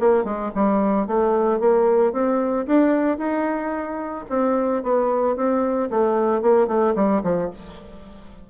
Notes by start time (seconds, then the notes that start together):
0.00 A#3
0.24 G#3
0.55 G3
1.07 A3
1.60 A#3
2.13 C4
2.67 D4
3.18 D#4
4.30 C4
4.83 B3
5.37 C4
5.91 A3
6.42 A#3
6.68 A3
6.96 G3
7.23 F3